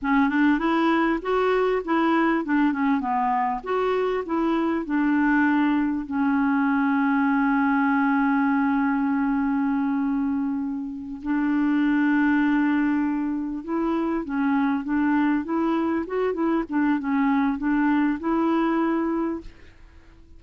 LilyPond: \new Staff \with { instrumentName = "clarinet" } { \time 4/4 \tempo 4 = 99 cis'8 d'8 e'4 fis'4 e'4 | d'8 cis'8 b4 fis'4 e'4 | d'2 cis'2~ | cis'1~ |
cis'2~ cis'8 d'4.~ | d'2~ d'8 e'4 cis'8~ | cis'8 d'4 e'4 fis'8 e'8 d'8 | cis'4 d'4 e'2 | }